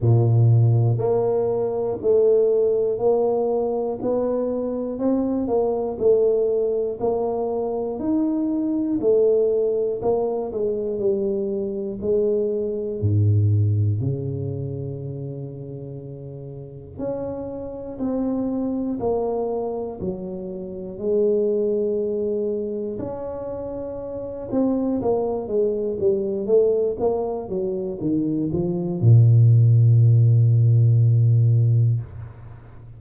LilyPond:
\new Staff \with { instrumentName = "tuba" } { \time 4/4 \tempo 4 = 60 ais,4 ais4 a4 ais4 | b4 c'8 ais8 a4 ais4 | dis'4 a4 ais8 gis8 g4 | gis4 gis,4 cis2~ |
cis4 cis'4 c'4 ais4 | fis4 gis2 cis'4~ | cis'8 c'8 ais8 gis8 g8 a8 ais8 fis8 | dis8 f8 ais,2. | }